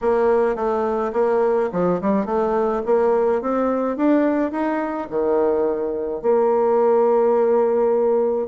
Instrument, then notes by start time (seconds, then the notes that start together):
bassoon
0.01 A#3
0.55 A3
1.12 A#3
1.72 F3
2.01 G3
2.25 A3
2.85 A#3
3.41 C4
3.96 D4
4.51 D#4
5.10 D#3
6.21 A#3